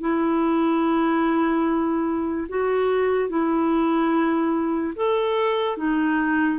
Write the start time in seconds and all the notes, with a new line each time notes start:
0.00 E4
2.48 F#4
3.29 E4
4.95 A4
5.77 D#4